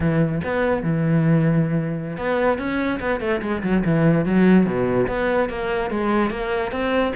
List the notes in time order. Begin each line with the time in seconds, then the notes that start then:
0.00 E3
0.43 B3
0.82 E3
2.17 B3
2.58 C#4
2.99 B3
3.20 A3
3.41 G#3
3.62 F#3
3.84 E3
4.25 F#3
4.66 B2
5.07 B3
5.49 A#3
5.90 G#3
6.30 A#3
6.71 C4